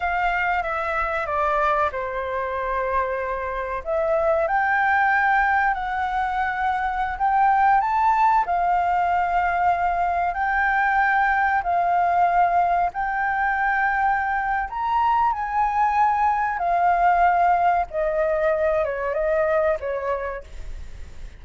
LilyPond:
\new Staff \with { instrumentName = "flute" } { \time 4/4 \tempo 4 = 94 f''4 e''4 d''4 c''4~ | c''2 e''4 g''4~ | g''4 fis''2~ fis''16 g''8.~ | g''16 a''4 f''2~ f''8.~ |
f''16 g''2 f''4.~ f''16~ | f''16 g''2~ g''8. ais''4 | gis''2 f''2 | dis''4. cis''8 dis''4 cis''4 | }